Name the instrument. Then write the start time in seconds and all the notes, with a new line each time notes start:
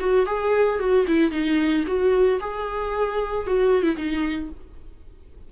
viola
0.00 F#4
0.27 G#4
0.79 F#4
1.08 E4
1.32 D#4
1.87 F#4
2.41 G#4
3.47 F#4
3.83 E4
3.97 D#4